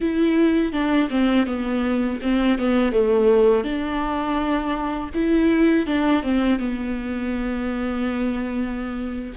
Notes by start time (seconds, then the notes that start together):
0.00 E4
0.72 D4
1.10 C4
1.46 B3
2.22 C4
2.58 B3
2.92 A3
3.64 D4
5.14 E4
5.86 D4
6.22 C4
6.59 B3